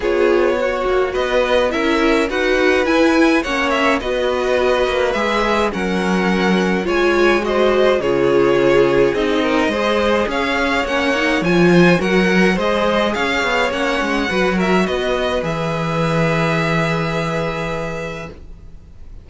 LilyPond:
<<
  \new Staff \with { instrumentName = "violin" } { \time 4/4 \tempo 4 = 105 cis''2 dis''4 e''4 | fis''4 gis''4 fis''8 e''8 dis''4~ | dis''4 e''4 fis''2 | gis''4 dis''4 cis''2 |
dis''2 f''4 fis''4 | gis''4 fis''4 dis''4 f''4 | fis''4. e''8 dis''4 e''4~ | e''1 | }
  \new Staff \with { instrumentName = "violin" } { \time 4/4 gis'4 fis'4 b'4 ais'4 | b'2 cis''4 b'4~ | b'2 ais'2 | cis''4 c''4 gis'2~ |
gis'8 ais'8 c''4 cis''2~ | cis''8 c''8 ais'4 c''4 cis''4~ | cis''4 b'8 ais'8 b'2~ | b'1 | }
  \new Staff \with { instrumentName = "viola" } { \time 4/4 f'4 fis'2 e'4 | fis'4 e'4 cis'4 fis'4~ | fis'4 gis'4 cis'2 | f'4 fis'4 f'2 |
dis'4 gis'2 cis'8 dis'8 | f'4 fis'8 ais'8 gis'2 | cis'4 fis'2 gis'4~ | gis'1 | }
  \new Staff \with { instrumentName = "cello" } { \time 4/4 b4. ais8 b4 cis'4 | dis'4 e'4 ais4 b4~ | b8 ais8 gis4 fis2 | gis2 cis2 |
c'4 gis4 cis'4 ais4 | f4 fis4 gis4 cis'8 b8 | ais8 gis8 fis4 b4 e4~ | e1 | }
>>